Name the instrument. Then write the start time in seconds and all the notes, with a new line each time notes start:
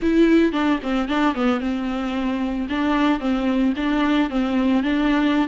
viola
0.01 E4
0.52 D4
0.83 C4
1.08 D4
1.34 B3
1.60 C4
2.69 D4
3.19 C4
3.76 D4
4.30 C4
4.83 D4